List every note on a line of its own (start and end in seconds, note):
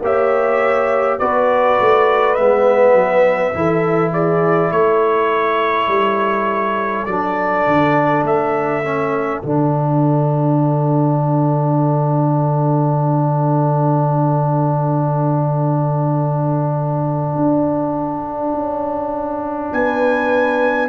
0.00 1.18 A#3
0.00 1.20 G4
0.00 1.20 C#5
0.00 1.19 E5
1.19 1.80 B3
1.19 2.37 F#4
1.19 3.55 B4
1.19 2.35 D5
1.80 2.38 A3
2.35 2.94 G#3
2.35 3.54 B3
2.35 4.11 E5
2.94 3.52 F#3
3.54 4.71 E3
3.54 7.07 E4
3.54 4.12 A4
4.12 4.71 G#4
4.12 4.72 D5
4.71 5.88 A3
4.71 19.73 A4
4.71 7.06 C#5
5.88 7.05 G3
7.06 7.66 F#3
7.06 8.84 D4
7.06 8.23 D5
7.67 8.23 D3
8.23 9.40 A3
8.23 9.42 E5
8.84 9.42 C#4
9.42 17.36 D3
9.42 20.89 D4
9.42 19.71 F#5
17.36 18.53 D4
18.54 19.72 C#4
19.73 20.89 B3
19.73 20.89 B4
19.73 20.89 G#5